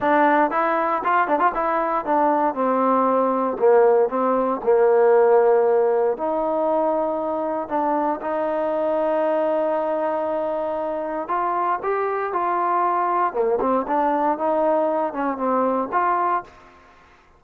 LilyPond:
\new Staff \with { instrumentName = "trombone" } { \time 4/4 \tempo 4 = 117 d'4 e'4 f'8 d'16 f'16 e'4 | d'4 c'2 ais4 | c'4 ais2. | dis'2. d'4 |
dis'1~ | dis'2 f'4 g'4 | f'2 ais8 c'8 d'4 | dis'4. cis'8 c'4 f'4 | }